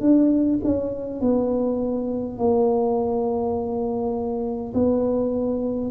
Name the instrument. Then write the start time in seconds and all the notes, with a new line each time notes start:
tuba
0.00 D4
0.64 C#4
1.20 B3
2.37 A#3
4.74 B3